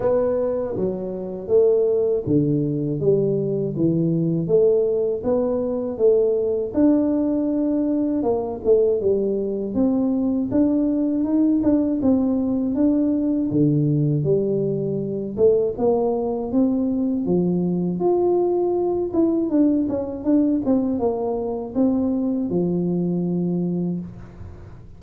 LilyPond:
\new Staff \with { instrumentName = "tuba" } { \time 4/4 \tempo 4 = 80 b4 fis4 a4 d4 | g4 e4 a4 b4 | a4 d'2 ais8 a8 | g4 c'4 d'4 dis'8 d'8 |
c'4 d'4 d4 g4~ | g8 a8 ais4 c'4 f4 | f'4. e'8 d'8 cis'8 d'8 c'8 | ais4 c'4 f2 | }